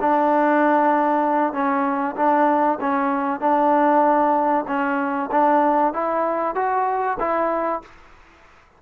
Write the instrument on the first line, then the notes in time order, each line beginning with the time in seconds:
trombone
0.00 D4
1.53 C#4
2.16 D4
2.80 C#4
3.40 D4
4.67 C#4
5.31 D4
5.93 E4
6.55 F#4
7.19 E4